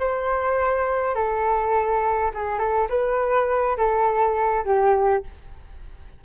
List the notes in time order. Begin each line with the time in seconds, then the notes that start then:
0.00 C5
1.15 A4
2.35 G#4
2.59 A4
2.90 B4
3.78 A4
4.65 G4